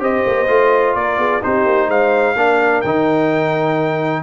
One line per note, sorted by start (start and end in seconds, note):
0.00 0.24 C4
0.00 0.47 G4
0.00 0.96 C5
0.00 0.95 D#5
0.27 0.48 A#3
0.48 0.95 A3
0.48 1.41 F4
0.95 1.18 A#3
0.95 1.19 A#4
0.95 1.42 D5
1.18 1.41 B3
1.18 1.42 G#4
1.41 1.65 C4
1.41 2.36 D#4
1.41 1.88 G4
1.41 1.90 C5
1.65 1.88 A#3
1.88 2.35 G#3
1.88 2.35 C5
1.88 2.81 F5
2.35 2.83 A#3
2.35 2.85 D4
2.35 4.23 A#4
2.81 4.23 D#3
2.81 4.23 D#4
2.81 4.23 G5